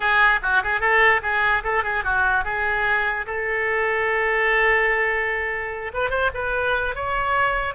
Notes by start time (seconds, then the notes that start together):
0.00 G#4
0.42 F#4
0.63 G#4
0.80 A4
1.22 G#4
1.63 A4
1.83 G#4
2.04 F#4
2.44 G#4
3.26 A4
5.93 B4
6.10 C5
6.34 B4
6.95 C#5